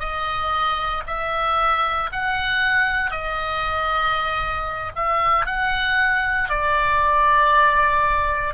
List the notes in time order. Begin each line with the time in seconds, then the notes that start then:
0.00 D#5
1.07 E5
2.13 F#5
3.11 D#5
4.96 E5
5.46 F#5
6.49 D5